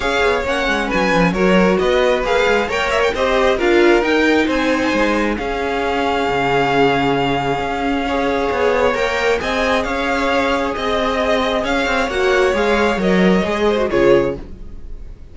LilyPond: <<
  \new Staff \with { instrumentName = "violin" } { \time 4/4 \tempo 4 = 134 f''4 fis''4 gis''4 cis''4 | dis''4 f''4 g''8 e''16 g''16 dis''4 | f''4 g''4 gis''2 | f''1~ |
f''1 | g''4 gis''4 f''2 | dis''2 f''4 fis''4 | f''4 dis''2 cis''4 | }
  \new Staff \with { instrumentName = "violin" } { \time 4/4 cis''2 b'4 ais'4 | b'2 cis''4 c''4 | ais'2 c''2 | gis'1~ |
gis'2 cis''2~ | cis''4 dis''4 cis''2 | dis''2 cis''2~ | cis''2~ cis''8 c''8 gis'4 | }
  \new Staff \with { instrumentName = "viola" } { \time 4/4 gis'4 cis'2 fis'4~ | fis'4 gis'4 ais'4 g'4 | f'4 dis'2. | cis'1~ |
cis'2 gis'2 | ais'4 gis'2.~ | gis'2. fis'4 | gis'4 ais'4 gis'8. fis'16 f'4 | }
  \new Staff \with { instrumentName = "cello" } { \time 4/4 cis'8 b8 ais8 gis8 fis8 f8 fis4 | b4 ais8 gis8 ais4 c'4 | d'4 dis'4 c'4 gis4 | cis'2 cis2~ |
cis4 cis'2 b4 | ais4 c'4 cis'2 | c'2 cis'8 c'8 ais4 | gis4 fis4 gis4 cis4 | }
>>